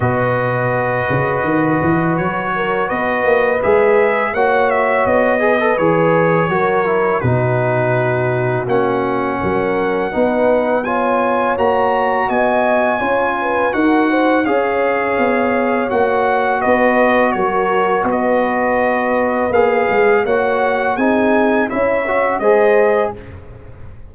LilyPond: <<
  \new Staff \with { instrumentName = "trumpet" } { \time 4/4 \tempo 4 = 83 dis''2. cis''4 | dis''4 e''4 fis''8 e''8 dis''4 | cis''2 b'2 | fis''2. gis''4 |
ais''4 gis''2 fis''4 | f''2 fis''4 dis''4 | cis''4 dis''2 f''4 | fis''4 gis''4 e''4 dis''4 | }
  \new Staff \with { instrumentName = "horn" } { \time 4/4 b'2.~ b'8 ais'8 | b'2 cis''4. b'8~ | b'4 ais'4 fis'2~ | fis'4 ais'4 b'4 cis''4~ |
cis''4 dis''4 cis''8 b'8 ais'8 c''8 | cis''2. b'4 | ais'4 b'2. | cis''4 gis'4 cis''4 c''4 | }
  \new Staff \with { instrumentName = "trombone" } { \time 4/4 fis'1~ | fis'4 gis'4 fis'4. gis'16 a'16 | gis'4 fis'8 e'8 dis'2 | cis'2 dis'4 f'4 |
fis'2 f'4 fis'4 | gis'2 fis'2~ | fis'2. gis'4 | fis'4 dis'4 e'8 fis'8 gis'4 | }
  \new Staff \with { instrumentName = "tuba" } { \time 4/4 b,4. cis8 dis8 e8 fis4 | b8 ais8 gis4 ais4 b4 | e4 fis4 b,2 | ais4 fis4 b2 |
ais4 b4 cis'4 dis'4 | cis'4 b4 ais4 b4 | fis4 b2 ais8 gis8 | ais4 c'4 cis'4 gis4 | }
>>